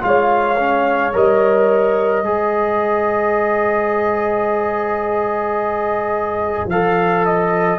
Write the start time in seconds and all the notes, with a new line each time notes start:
0.00 G#3 F4 C#5 F5
0.58 C#4
1.13 G3 A#4 D#5
2.23 G#3 G#4 C5
6.66 F3 A4 F5
7.25 D#5